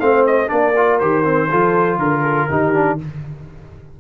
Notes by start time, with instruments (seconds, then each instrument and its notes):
0.00 tuba A3, trombone C4, horn C5, trumpet F5
0.27 trumpet D#5
0.47 tuba A#3, trombone D4, horn A#4, trumpet D5
0.77 trombone F4
0.99 tuba D#3, trombone G4, trumpet C5
1.25 trombone C4
1.49 tuba F3, trombone F4, horn A4
1.98 tuba D3, horn A#4, trumpet A#4
2.22 horn A4
2.49 tuba D#3, trombone D#4, horn G4
2.74 trombone D4